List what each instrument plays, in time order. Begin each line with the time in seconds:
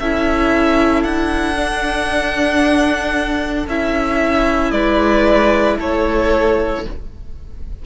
0.00 cello C#4, viola E4, violin A4 E5
1.03 cello D4, violin F#5
1.56 viola D4
3.67 cello C#4, viola E4, violin E5
4.71 cello G#3, violin B4 D5
5.78 cello A3, violin A4 C#5